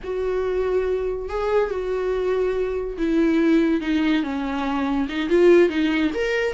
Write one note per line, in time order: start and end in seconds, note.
0.03 1.29 F#4
1.29 1.70 G#4
1.70 2.97 F#4
2.97 3.80 E4
3.80 4.23 D#4
4.23 5.07 C#4
5.08 5.29 D#4
5.29 5.69 F4
5.69 6.11 D#4
6.14 6.53 A#4